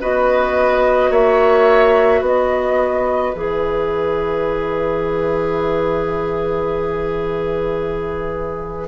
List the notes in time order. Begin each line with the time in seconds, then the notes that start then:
0.00 B3 F#4 B4 D#5
1.10 A#3 C#5 E5
2.21 B3 B4 D#5
3.33 E3 G#4 E5